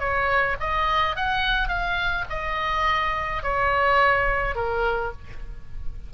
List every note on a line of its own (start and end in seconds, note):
0.00 0.57 C#5
0.60 1.16 D#5
1.16 1.69 F#5
1.69 2.25 F5
2.30 3.43 D#5
3.43 4.55 C#5
4.55 5.12 A#4